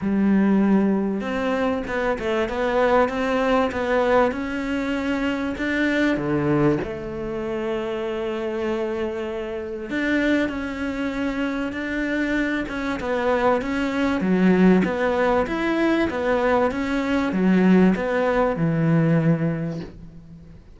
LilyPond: \new Staff \with { instrumentName = "cello" } { \time 4/4 \tempo 4 = 97 g2 c'4 b8 a8 | b4 c'4 b4 cis'4~ | cis'4 d'4 d4 a4~ | a1 |
d'4 cis'2 d'4~ | d'8 cis'8 b4 cis'4 fis4 | b4 e'4 b4 cis'4 | fis4 b4 e2 | }